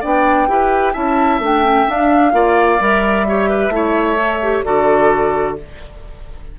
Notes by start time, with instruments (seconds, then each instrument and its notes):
0.00 bassoon B3, clarinet D4, oboe D5, flute G5
0.47 bassoon E4, clarinet G4, oboe B4
0.93 bassoon C#4, clarinet E4, oboe E5, flute A5
1.39 bassoon A3, clarinet D4, flute G5
1.62 clarinet C#4
1.87 clarinet D4, bassoon D4, flute F5
2.32 bassoon A#3, clarinet F4, oboe D5
2.79 bassoon G3, clarinet A#4, flute E5
3.27 clarinet G4, oboe C#5
3.49 oboe B4
3.68 bassoon A3, clarinet E4
3.75 oboe C#5
4.15 clarinet A4
4.42 clarinet G4
4.63 bassoon D3, clarinet F#4, oboe A4, flute D5